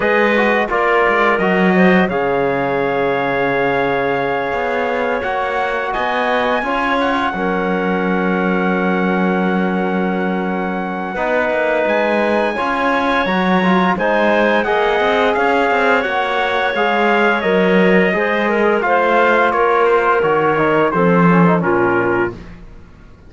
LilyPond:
<<
  \new Staff \with { instrumentName = "trumpet" } { \time 4/4 \tempo 4 = 86 dis''4 d''4 dis''4 f''4~ | f''2.~ f''8 fis''8~ | fis''8 gis''4. fis''2~ | fis''1~ |
fis''4 gis''2 ais''4 | gis''4 fis''4 f''4 fis''4 | f''4 dis''2 f''4 | cis''8 c''8 cis''4 c''4 ais'4 | }
  \new Staff \with { instrumentName = "clarinet" } { \time 4/4 b'4 ais'4. c''8 cis''4~ | cis''1~ | cis''8 dis''4 cis''4 ais'4.~ | ais'1 |
b'2 cis''2 | c''4 dis''4 cis''2~ | cis''2 c''8 ais'8 c''4 | ais'2 a'4 f'4 | }
  \new Staff \with { instrumentName = "trombone" } { \time 4/4 gis'8 fis'8 f'4 fis'4 gis'4~ | gis'2.~ gis'8 fis'8~ | fis'4. f'4 cis'4.~ | cis'1 |
dis'2 f'4 fis'8 f'8 | dis'4 gis'2 fis'4 | gis'4 ais'4 gis'4 f'4~ | f'4 fis'8 dis'8 c'8 cis'16 dis'16 cis'4 | }
  \new Staff \with { instrumentName = "cello" } { \time 4/4 gis4 ais8 gis8 fis4 cis4~ | cis2~ cis8 b4 ais8~ | ais8 b4 cis'4 fis4.~ | fis1 |
b8 ais8 gis4 cis'4 fis4 | gis4 ais8 c'8 cis'8 c'8 ais4 | gis4 fis4 gis4 a4 | ais4 dis4 f4 ais,4 | }
>>